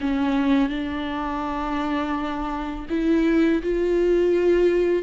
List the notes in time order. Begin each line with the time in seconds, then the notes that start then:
0.00 C#4
0.69 D4
2.89 E4
3.62 F4